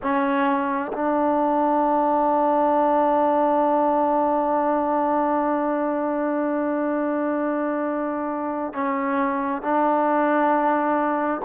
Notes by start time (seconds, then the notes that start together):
0.02 C#4
0.92 D4
8.73 C#4
9.62 D4